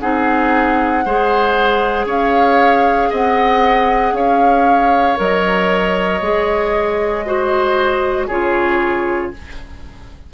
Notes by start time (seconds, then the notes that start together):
0.00 C4 D#4 G#4 F#5
1.05 G#3 G#4 C5
2.06 C#4 C#5 F5
3.10 C4 D#5 F#5
4.13 C#4 C#5 F5
5.17 F#3 A#4 D#5
6.22 G#3 G#4
7.26 F#4 C5
8.27 C#3 F4 G#4 C#5